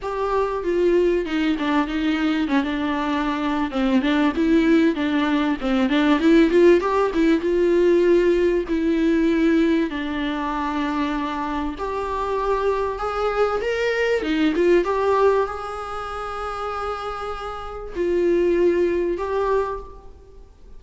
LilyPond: \new Staff \with { instrumentName = "viola" } { \time 4/4 \tempo 4 = 97 g'4 f'4 dis'8 d'8 dis'4 | cis'16 d'4.~ d'16 c'8 d'8 e'4 | d'4 c'8 d'8 e'8 f'8 g'8 e'8 | f'2 e'2 |
d'2. g'4~ | g'4 gis'4 ais'4 dis'8 f'8 | g'4 gis'2.~ | gis'4 f'2 g'4 | }